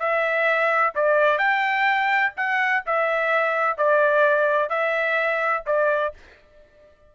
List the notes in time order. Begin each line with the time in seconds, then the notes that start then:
0.00 E5
0.96 D5
1.39 G5
2.37 F#5
2.87 E5
3.78 D5
4.70 E5
5.67 D5